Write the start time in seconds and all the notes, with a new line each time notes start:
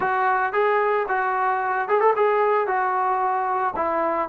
0.00 F#4
0.53 G#4
1.08 F#4
1.88 G#4
2.00 A4
2.16 G#4
2.67 F#4
3.75 E4